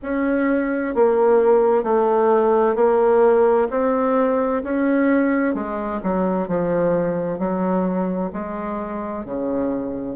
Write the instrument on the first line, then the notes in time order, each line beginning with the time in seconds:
bassoon
0.02 C#4
0.94 A#3
1.83 A3
2.75 A#3
3.70 C4
4.63 C#4
5.54 G#3
6.03 F#3
6.48 F3
7.38 F#3
8.32 G#3
9.25 C#3